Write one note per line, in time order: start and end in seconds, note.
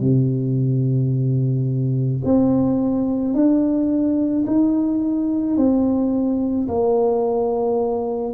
0.00 2.22 C3
2.24 3.34 C4
3.34 4.45 D4
4.46 5.57 D#4
5.57 6.68 C4
6.68 8.33 A#3